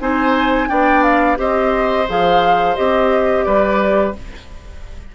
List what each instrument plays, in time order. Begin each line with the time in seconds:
0.00 bassoon C4, clarinet D#4, oboe C5, flute G#5
0.68 bassoon B3, clarinet D4, oboe D5, flute G5
1.03 flute F5
1.36 bassoon C4, clarinet G4, oboe C5, flute D#5
2.08 bassoon F3, clarinet G#4, flute F5
2.76 bassoon C4, clarinet G4, flute D#5
3.43 bassoon G3, oboe B4, flute D5